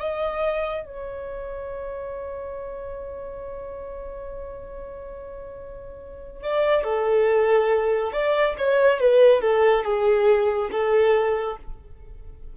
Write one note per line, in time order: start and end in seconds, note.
0.00 0.85 D#5
0.85 6.42 C#5
6.42 6.84 D5
6.84 8.12 A4
8.12 8.55 D5
8.58 9.00 C#5
9.00 9.41 B4
9.41 9.84 A4
9.84 10.70 G#4
10.71 11.57 A4